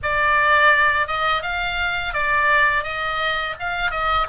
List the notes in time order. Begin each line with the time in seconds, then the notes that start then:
0.02 D5
1.07 D#5
1.42 F5
2.13 D5
2.83 D#5
3.59 F5
3.91 D#5